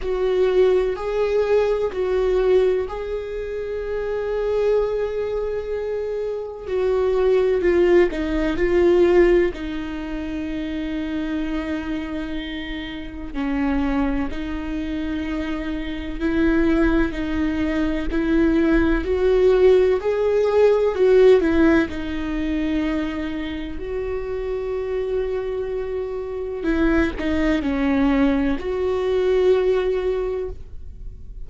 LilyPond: \new Staff \with { instrumentName = "viola" } { \time 4/4 \tempo 4 = 63 fis'4 gis'4 fis'4 gis'4~ | gis'2. fis'4 | f'8 dis'8 f'4 dis'2~ | dis'2 cis'4 dis'4~ |
dis'4 e'4 dis'4 e'4 | fis'4 gis'4 fis'8 e'8 dis'4~ | dis'4 fis'2. | e'8 dis'8 cis'4 fis'2 | }